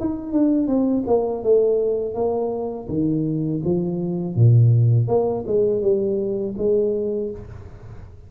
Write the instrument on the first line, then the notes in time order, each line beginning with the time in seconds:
tuba
0.00 D#4
0.33 D4
0.68 C4
1.07 A#3
1.43 A3
2.15 A#3
2.89 D#3
3.65 F3
4.35 A#2
5.08 A#3
5.47 G#3
5.82 G3
6.58 G#3